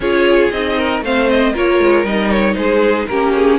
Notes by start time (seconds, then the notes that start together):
0.00 C#4 F4 G#4 C#5
0.51 C4 D#4 D#5
0.78 A#4
1.01 A3 C4 C5 F5
1.29 D#5
1.52 A#3 F4 A#4 C#5
1.78 G#3
2.04 G3 D#4 D#5
2.30 C#5
2.54 G#3 G#4 C5
3.07 A#3 C#4 G4 A#4
3.35 G#4